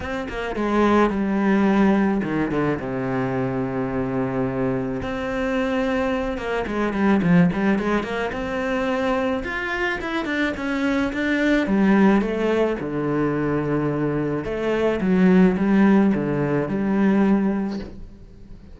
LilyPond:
\new Staff \with { instrumentName = "cello" } { \time 4/4 \tempo 4 = 108 c'8 ais8 gis4 g2 | dis8 d8 c2.~ | c4 c'2~ c'8 ais8 | gis8 g8 f8 g8 gis8 ais8 c'4~ |
c'4 f'4 e'8 d'8 cis'4 | d'4 g4 a4 d4~ | d2 a4 fis4 | g4 d4 g2 | }